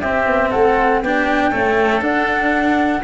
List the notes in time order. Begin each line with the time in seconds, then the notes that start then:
0.00 C4 G4 E5
0.26 B3
0.49 A3 A4 F#5
1.01 B3 D4 G4 G5
1.50 A3 C#4 A4
2.01 D4 F#5